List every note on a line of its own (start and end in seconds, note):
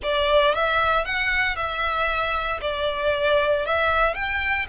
0.02 0.54 D5
0.54 1.05 E5
1.05 1.56 F#5
1.56 2.60 E5
2.61 3.65 D5
3.65 4.14 E5
4.14 4.66 G5